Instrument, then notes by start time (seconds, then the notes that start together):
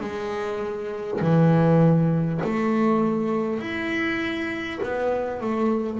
double bass
0.00 G#3
1.21 E3
2.44 A3
3.60 E4
4.83 B3
5.41 A3